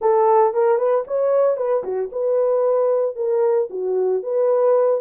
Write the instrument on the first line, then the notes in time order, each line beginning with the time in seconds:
horn
0.01 A4
0.53 A#4
0.78 B4
1.07 C#5
1.56 B4
1.83 F#4
2.12 B4
3.15 A#4
3.70 F#4
4.22 B4